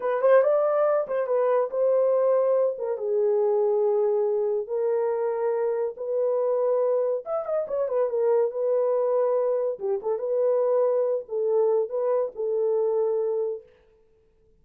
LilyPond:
\new Staff \with { instrumentName = "horn" } { \time 4/4 \tempo 4 = 141 b'8 c''8 d''4. c''8 b'4 | c''2~ c''8 ais'8 gis'4~ | gis'2. ais'4~ | ais'2 b'2~ |
b'4 e''8 dis''8 cis''8 b'8 ais'4 | b'2. g'8 a'8 | b'2~ b'8 a'4. | b'4 a'2. | }